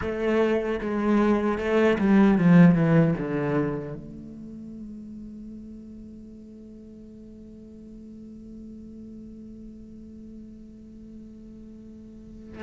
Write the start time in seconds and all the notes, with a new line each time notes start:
0.01 A3
0.80 G#3
1.58 A3
1.98 G3
2.38 F3
2.75 E3
3.18 D3
3.94 A3